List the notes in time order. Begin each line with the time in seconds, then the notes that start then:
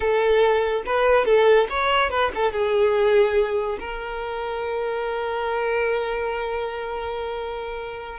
0.00 A4
0.85 B4
1.25 A4
1.69 C#5
2.10 B4
2.34 A4
2.52 G#4
3.79 A#4